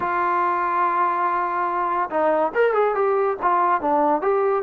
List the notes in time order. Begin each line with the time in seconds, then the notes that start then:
0.00 F4
2.09 D#4
2.54 A#4
2.73 G#4
2.95 G4
3.42 F4
3.81 D4
4.21 G4